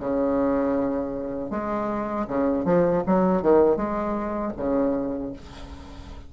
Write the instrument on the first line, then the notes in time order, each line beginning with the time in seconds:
bassoon
0.00 C#3
1.51 G#3
2.28 C#3
2.65 F3
3.07 F#3
3.42 D#3
3.77 G#3
4.57 C#3